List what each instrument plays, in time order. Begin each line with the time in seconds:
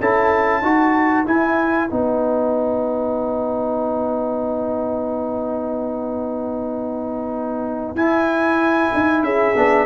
0.00 tuba C#4, trombone E4, horn A4, trumpet A5
0.62 tuba D#4, trombone F#4, horn B4
1.26 trombone E4, tuba E4, trumpet G#5
1.90 tuba B3, trombone D#4, trumpet F#5
7.95 tuba E4, trombone E4, trumpet G#5
8.94 tuba D#4
9.23 tuba C#4, horn G#4, trumpet E5
9.56 tuba B3, trombone D4